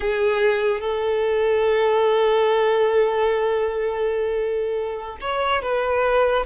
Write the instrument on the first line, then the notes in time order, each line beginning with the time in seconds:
violin
0.00 G#4
0.80 A4
5.20 C#5
5.62 B4